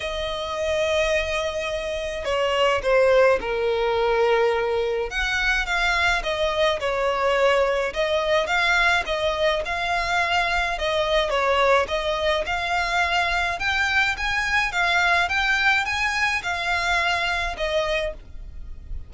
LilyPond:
\new Staff \with { instrumentName = "violin" } { \time 4/4 \tempo 4 = 106 dis''1 | cis''4 c''4 ais'2~ | ais'4 fis''4 f''4 dis''4 | cis''2 dis''4 f''4 |
dis''4 f''2 dis''4 | cis''4 dis''4 f''2 | g''4 gis''4 f''4 g''4 | gis''4 f''2 dis''4 | }